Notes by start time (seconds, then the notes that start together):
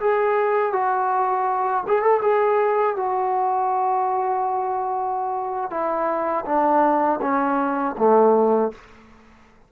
0.00 G#4
0.72 F#4
1.87 G#4
2.02 A4
2.22 G#4
2.96 F#4
5.70 E4
6.45 D4
7.22 C#4
7.98 A3